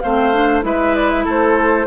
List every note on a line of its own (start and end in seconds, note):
0.00 0.64 A3
0.00 0.34 C4
0.00 0.65 C5
0.00 0.62 F5
0.34 0.62 D4
0.62 1.26 G#3
0.62 1.86 E4
0.62 1.25 B4
0.62 0.96 E5
0.96 1.10 D5
1.10 1.25 E5
1.25 1.87 A3
1.25 1.87 A4
1.25 1.87 C5